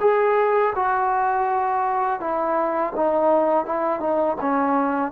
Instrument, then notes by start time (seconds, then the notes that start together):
trombone
0.00 G#4
0.75 F#4
2.20 E4
2.96 D#4
3.65 E4
4.00 D#4
4.41 C#4